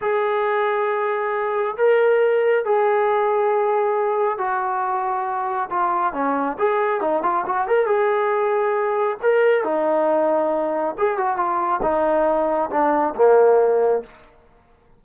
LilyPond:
\new Staff \with { instrumentName = "trombone" } { \time 4/4 \tempo 4 = 137 gis'1 | ais'2 gis'2~ | gis'2 fis'2~ | fis'4 f'4 cis'4 gis'4 |
dis'8 f'8 fis'8 ais'8 gis'2~ | gis'4 ais'4 dis'2~ | dis'4 gis'8 fis'8 f'4 dis'4~ | dis'4 d'4 ais2 | }